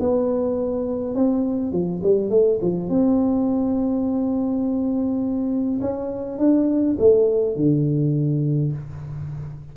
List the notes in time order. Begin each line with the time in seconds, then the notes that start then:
0.00 B3
1.15 C4
1.72 F3
2.03 G3
2.30 A3
2.62 F3
2.89 C4
5.81 C#4
6.39 D4
6.99 A3
7.56 D3